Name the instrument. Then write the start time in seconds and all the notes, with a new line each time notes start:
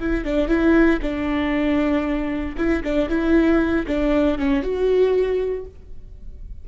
viola
0.00 E4
0.25 D4
0.48 E4
1.02 D4
2.58 E4
2.84 D4
3.09 E4
3.87 D4
4.38 C#4
4.63 F#4